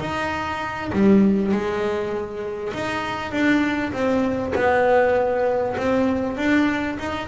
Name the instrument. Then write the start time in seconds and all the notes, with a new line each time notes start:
double bass
0.00 D#4
0.92 G3
1.52 G#3
2.73 D#4
3.31 D4
3.92 C4
4.55 B3
5.77 C4
6.37 D4
6.99 D#4